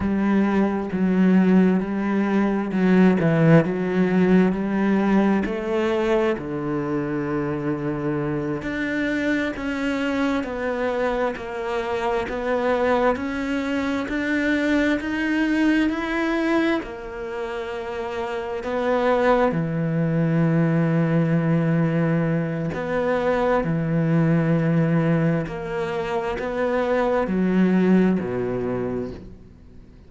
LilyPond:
\new Staff \with { instrumentName = "cello" } { \time 4/4 \tempo 4 = 66 g4 fis4 g4 fis8 e8 | fis4 g4 a4 d4~ | d4. d'4 cis'4 b8~ | b8 ais4 b4 cis'4 d'8~ |
d'8 dis'4 e'4 ais4.~ | ais8 b4 e2~ e8~ | e4 b4 e2 | ais4 b4 fis4 b,4 | }